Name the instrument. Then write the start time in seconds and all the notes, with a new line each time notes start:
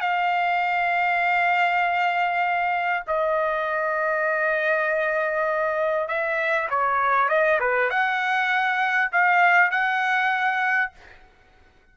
trumpet
0.00 F5
3.07 D#5
6.07 E5
6.69 C#5
7.28 D#5
7.60 B4
7.90 F#5
9.12 F5
9.71 F#5